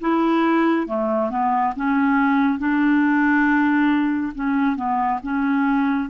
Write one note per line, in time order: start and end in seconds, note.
0.00 0.87 E4
0.87 1.30 A3
1.30 1.73 B3
1.75 2.58 C#4
2.58 4.32 D4
4.35 4.76 C#4
4.76 5.19 B3
5.23 6.09 C#4